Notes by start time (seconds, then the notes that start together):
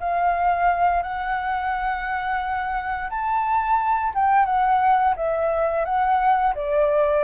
0.00 F5
1.03 F#5
3.10 A5
4.15 G5
4.46 F#5
5.17 E5
5.85 F#5
6.55 D5